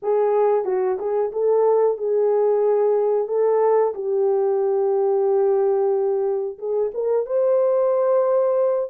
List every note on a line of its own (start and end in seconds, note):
0.02 0.64 G#4
0.64 0.97 F#4
0.98 1.31 G#4
1.32 1.97 A4
1.97 3.27 G#4
3.27 3.93 A4
3.94 6.58 G4
6.58 6.91 G#4
6.94 7.26 A#4
7.26 8.90 C5